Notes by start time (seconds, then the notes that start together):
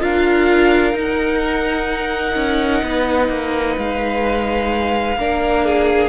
0.00 D4 F4 A#4 F5
0.93 D#4
1.00 F#5
2.35 C#4
2.82 B3 B4
3.28 A#3
3.78 G#3 F5
5.17 A#3 D4 A#4
5.65 G#4